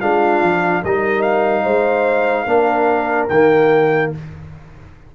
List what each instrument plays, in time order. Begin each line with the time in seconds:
0.00 tuba G#3, trombone D4, horn F4, trumpet F5
0.42 tuba F3
0.83 tuba G3, trombone D#4, horn A#4, trumpet D#5
1.22 trumpet F5
1.63 tuba G#3, horn C5
2.44 tuba A#3, trombone D4, horn A#4
3.29 tuba D#3, trombone A#3, trumpet G5